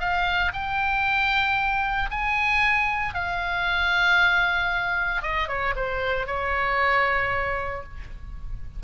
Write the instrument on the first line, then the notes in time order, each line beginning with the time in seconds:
oboe
0.00 F5
0.53 G5
2.11 G#5
3.14 F5
5.22 D#5
5.48 C#5
5.76 C5
6.27 C#5